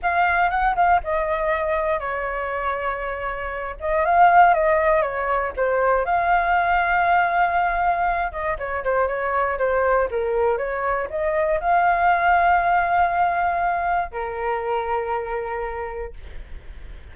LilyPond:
\new Staff \with { instrumentName = "flute" } { \time 4/4 \tempo 4 = 119 f''4 fis''8 f''8 dis''2 | cis''2.~ cis''8 dis''8 | f''4 dis''4 cis''4 c''4 | f''1~ |
f''8 dis''8 cis''8 c''8 cis''4 c''4 | ais'4 cis''4 dis''4 f''4~ | f''1 | ais'1 | }